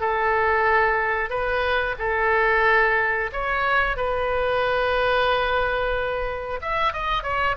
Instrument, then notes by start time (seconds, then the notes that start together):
oboe
0.00 A4
1.29 B4
1.98 A4
3.32 C#5
3.96 B4
6.61 E5
6.93 D#5
7.23 C#5